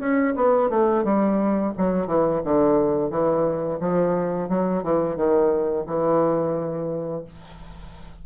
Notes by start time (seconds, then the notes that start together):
0.00 C#4
0.36 B3
0.70 A3
1.04 G3
1.78 F#3
2.07 E3
2.45 D3
3.11 E3
3.81 F3
4.49 F#3
4.83 E3
5.17 D#3
5.87 E3